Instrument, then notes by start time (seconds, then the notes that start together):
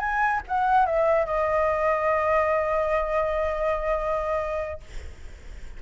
flute
0.00 G#5
0.48 F#5
0.86 E5
1.27 D#5